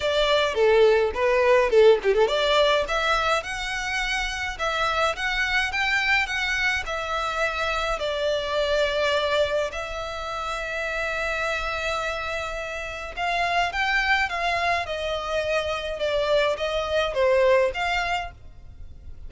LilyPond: \new Staff \with { instrumentName = "violin" } { \time 4/4 \tempo 4 = 105 d''4 a'4 b'4 a'8 g'16 a'16 | d''4 e''4 fis''2 | e''4 fis''4 g''4 fis''4 | e''2 d''2~ |
d''4 e''2.~ | e''2. f''4 | g''4 f''4 dis''2 | d''4 dis''4 c''4 f''4 | }